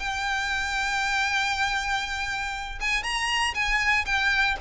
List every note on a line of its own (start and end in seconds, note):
0.00 2.80 G5
2.81 3.04 G#5
3.04 3.55 A#5
3.55 4.06 G#5
4.06 4.57 G5